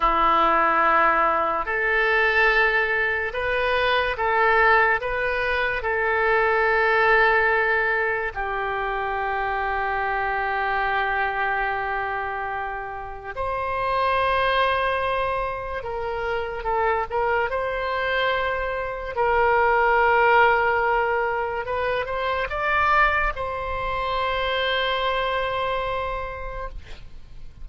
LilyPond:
\new Staff \with { instrumentName = "oboe" } { \time 4/4 \tempo 4 = 72 e'2 a'2 | b'4 a'4 b'4 a'4~ | a'2 g'2~ | g'1 |
c''2. ais'4 | a'8 ais'8 c''2 ais'4~ | ais'2 b'8 c''8 d''4 | c''1 | }